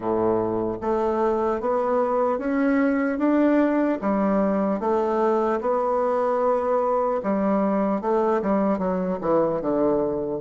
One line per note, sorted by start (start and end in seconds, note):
0.00 0.77 A2
0.81 1.60 A3
1.60 2.38 B3
2.38 3.18 C#4
3.18 3.98 D4
4.01 4.80 G3
4.80 5.60 A3
5.60 7.20 B3
7.23 8.01 G3
8.01 8.41 A3
8.41 8.78 G3
8.78 9.18 F#3
9.21 9.61 E3
9.61 10.40 D3